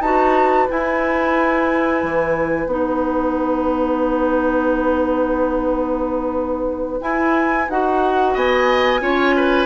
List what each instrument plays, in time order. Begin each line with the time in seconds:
0.00 bassoon D#4, clarinet F#4, oboe B4, flute A5
0.68 clarinet E4, bassoon E4, flute G#5
2.03 bassoon E3
2.67 bassoon B3, clarinet D#4, flute F#5
7.01 clarinet E4, bassoon E4, flute G#5
7.69 bassoon D#4, clarinet F#4, flute F#5
8.34 bassoon B3, oboe D#5, flute G#5
9.01 bassoon C#4, clarinet F4, oboe C#5
9.37 oboe B4